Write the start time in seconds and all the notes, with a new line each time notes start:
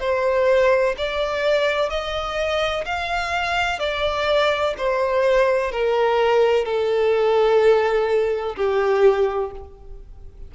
0.00 C5
0.98 D5
1.90 D#5
2.86 F5
3.80 D5
4.78 C5
5.72 A#4
6.65 A4
8.56 G4